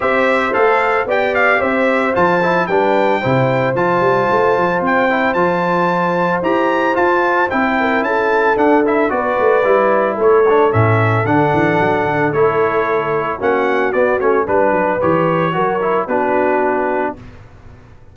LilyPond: <<
  \new Staff \with { instrumentName = "trumpet" } { \time 4/4 \tempo 4 = 112 e''4 f''4 g''8 f''8 e''4 | a''4 g''2 a''4~ | a''4 g''4 a''2 | ais''4 a''4 g''4 a''4 |
fis''8 e''8 d''2 cis''4 | e''4 fis''2 cis''4~ | cis''4 fis''4 d''8 cis''8 b'4 | cis''2 b'2 | }
  \new Staff \with { instrumentName = "horn" } { \time 4/4 c''2 d''4 c''4~ | c''4 b'4 c''2~ | c''1~ | c''2~ c''8 ais'8 a'4~ |
a'4 b'2 a'4~ | a'1~ | a'4 fis'2 b'4~ | b'4 ais'4 fis'2 | }
  \new Staff \with { instrumentName = "trombone" } { \time 4/4 g'4 a'4 g'2 | f'8 e'8 d'4 e'4 f'4~ | f'4. e'8 f'2 | g'4 f'4 e'2 |
d'8 e'8 fis'4 e'4. d'8 | cis'4 d'2 e'4~ | e'4 cis'4 b8 cis'8 d'4 | g'4 fis'8 e'8 d'2 | }
  \new Staff \with { instrumentName = "tuba" } { \time 4/4 c'4 a4 b4 c'4 | f4 g4 c4 f8 g8 | a8 f8 c'4 f2 | e'4 f'4 c'4 cis'4 |
d'4 b8 a8 g4 a4 | a,4 d8 e8 fis8 d8 a4~ | a4 ais4 b8 a8 g8 fis8 | e4 fis4 b2 | }
>>